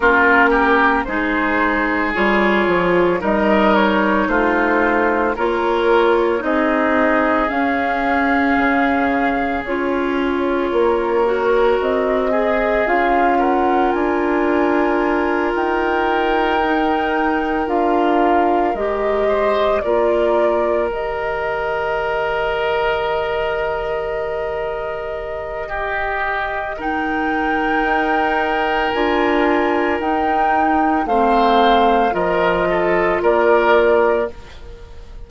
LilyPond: <<
  \new Staff \with { instrumentName = "flute" } { \time 4/4 \tempo 4 = 56 ais'4 c''4 cis''4 dis''8 cis''8 | c''4 cis''4 dis''4 f''4~ | f''4 cis''2 dis''4 | f''8 fis''8 gis''4. g''4.~ |
g''8 f''4 dis''4 d''4 dis''8~ | dis''1~ | dis''4 g''2 gis''4 | g''4 f''4 dis''4 d''4 | }
  \new Staff \with { instrumentName = "oboe" } { \time 4/4 f'8 g'8 gis'2 ais'4 | f'4 ais'4 gis'2~ | gis'2 ais'4. gis'8~ | gis'8 ais'2.~ ais'8~ |
ais'2 c''8 ais'4.~ | ais'1 | g'4 ais'2.~ | ais'4 c''4 ais'8 a'8 ais'4 | }
  \new Staff \with { instrumentName = "clarinet" } { \time 4/4 cis'4 dis'4 f'4 dis'4~ | dis'4 f'4 dis'4 cis'4~ | cis'4 f'4. fis'4 gis'8 | f'2.~ f'8 dis'8~ |
dis'8 f'4 g'4 f'4 g'8~ | g'1~ | g'4 dis'2 f'4 | dis'4 c'4 f'2 | }
  \new Staff \with { instrumentName = "bassoon" } { \time 4/4 ais4 gis4 g8 f8 g4 | a4 ais4 c'4 cis'4 | cis4 cis'4 ais4 c'4 | cis'4 d'4. dis'4.~ |
dis'8 d'4 gis4 ais4 dis8~ | dis1~ | dis2 dis'4 d'4 | dis'4 a4 f4 ais4 | }
>>